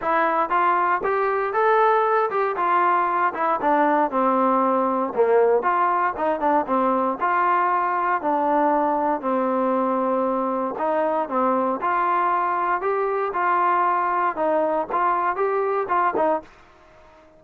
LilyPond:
\new Staff \with { instrumentName = "trombone" } { \time 4/4 \tempo 4 = 117 e'4 f'4 g'4 a'4~ | a'8 g'8 f'4. e'8 d'4 | c'2 ais4 f'4 | dis'8 d'8 c'4 f'2 |
d'2 c'2~ | c'4 dis'4 c'4 f'4~ | f'4 g'4 f'2 | dis'4 f'4 g'4 f'8 dis'8 | }